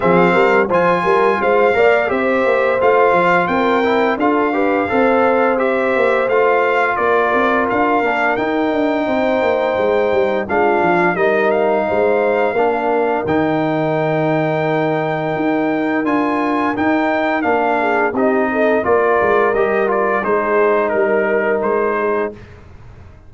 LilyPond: <<
  \new Staff \with { instrumentName = "trumpet" } { \time 4/4 \tempo 4 = 86 f''4 gis''4 f''4 e''4 | f''4 g''4 f''2 | e''4 f''4 d''4 f''4 | g''2. f''4 |
dis''8 f''2~ f''8 g''4~ | g''2. gis''4 | g''4 f''4 dis''4 d''4 | dis''8 d''8 c''4 ais'4 c''4 | }
  \new Staff \with { instrumentName = "horn" } { \time 4/4 gis'8 ais'8 c''8 ais'8 c''8 d''8 c''4~ | c''4 ais'4 a'8 b'8 c''4~ | c''2 ais'2~ | ais'4 c''2 f'4 |
ais'4 c''4 ais'2~ | ais'1~ | ais'4. gis'8 g'8 a'8 ais'4~ | ais'4 gis'4 ais'4. gis'8 | }
  \new Staff \with { instrumentName = "trombone" } { \time 4/4 c'4 f'4. ais'8 g'4 | f'4. e'8 f'8 g'8 a'4 | g'4 f'2~ f'8 d'8 | dis'2. d'4 |
dis'2 d'4 dis'4~ | dis'2. f'4 | dis'4 d'4 dis'4 f'4 | g'8 f'8 dis'2. | }
  \new Staff \with { instrumentName = "tuba" } { \time 4/4 f8 g8 f8 g8 gis8 ais8 c'8 ais8 | a8 f8 c'4 d'4 c'4~ | c'8 ais8 a4 ais8 c'8 d'8 ais8 | dis'8 d'8 c'8 ais8 gis8 g8 gis8 f8 |
g4 gis4 ais4 dis4~ | dis2 dis'4 d'4 | dis'4 ais4 c'4 ais8 gis8 | g4 gis4 g4 gis4 | }
>>